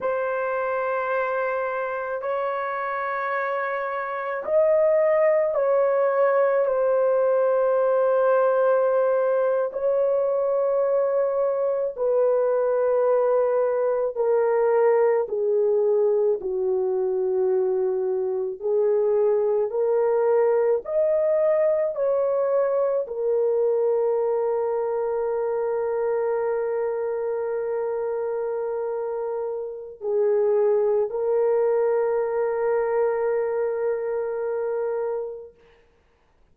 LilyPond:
\new Staff \with { instrumentName = "horn" } { \time 4/4 \tempo 4 = 54 c''2 cis''2 | dis''4 cis''4 c''2~ | c''8. cis''2 b'4~ b'16~ | b'8. ais'4 gis'4 fis'4~ fis'16~ |
fis'8. gis'4 ais'4 dis''4 cis''16~ | cis''8. ais'2.~ ais'16~ | ais'2. gis'4 | ais'1 | }